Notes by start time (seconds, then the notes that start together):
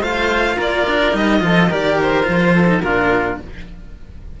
0.00 A3 F4 C5 F5
0.56 A#3 A#4 D5
0.86 D4
1.12 G3 D#4 D#5
1.40 F3 F4 A4
1.69 D#3 G4 A#4 D5
2.01 C5
2.23 F3 F4
2.54 A4
2.66 D#4
2.81 A#2 D4 F4 A#4